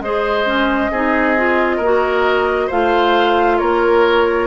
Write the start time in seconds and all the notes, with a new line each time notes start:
0.00 G#3 G#4 C5 D#5
0.45 C#4
0.90 C4 D#4 G#4
1.37 F4
1.77 A#3 A#4
1.83 F#4
2.67 A3 F4 C5 F5
3.58 A#3 A#4 C#5